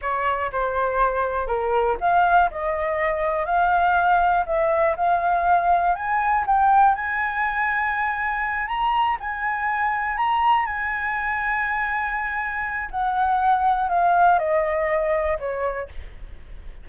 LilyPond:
\new Staff \with { instrumentName = "flute" } { \time 4/4 \tempo 4 = 121 cis''4 c''2 ais'4 | f''4 dis''2 f''4~ | f''4 e''4 f''2 | gis''4 g''4 gis''2~ |
gis''4. ais''4 gis''4.~ | gis''8 ais''4 gis''2~ gis''8~ | gis''2 fis''2 | f''4 dis''2 cis''4 | }